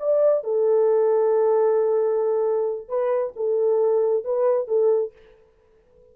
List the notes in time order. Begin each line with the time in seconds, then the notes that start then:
0.00 D5
0.44 A4
2.89 B4
3.36 A4
4.25 B4
4.68 A4